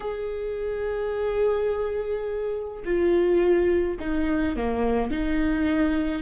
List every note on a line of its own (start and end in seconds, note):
0.00 2.83 G#4
2.85 3.98 F4
3.99 4.55 D#4
4.55 5.10 A#3
5.10 6.22 D#4